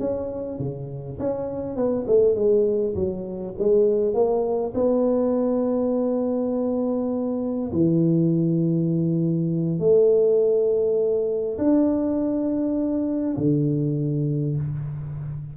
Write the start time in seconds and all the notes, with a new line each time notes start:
0.00 C#4
0.59 C#3
1.19 C#4
1.76 B3
2.08 A3
2.35 G#3
2.95 F#3
3.59 G#3
4.14 A#3
4.75 B3
7.72 E3
9.80 A3
11.58 D4
13.37 D3